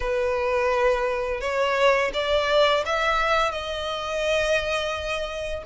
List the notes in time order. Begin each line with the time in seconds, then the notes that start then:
0.00 B4
1.40 C#5
2.13 D5
2.85 E5
3.51 D#5